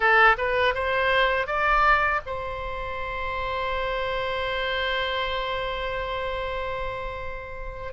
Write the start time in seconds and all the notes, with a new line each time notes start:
0.00 A4
0.37 B4
0.74 C5
1.46 D5
2.26 C5